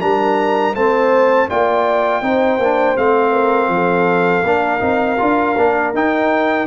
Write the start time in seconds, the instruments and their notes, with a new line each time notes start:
0.00 tuba G3, trombone D4, horn A#4, trumpet A#5
0.74 tuba A3, trombone C4, horn C5, trumpet A5
1.49 tuba A#3, trombone F4, horn D5, trumpet G5
2.21 tuba C4, trombone D#4, horn C5
2.57 tuba A#3, trombone D4
2.95 tuba A3, trombone C4, trumpet F5
3.32 horn A#4
3.68 tuba F3
3.74 horn A4
4.44 tuba A#3, trombone D4, horn A#4
4.79 tuba C4, trombone D#4
5.18 tuba D4, trombone F4
5.56 tuba A#3, trombone D4
5.93 tuba D#4, trombone D#4, trumpet G5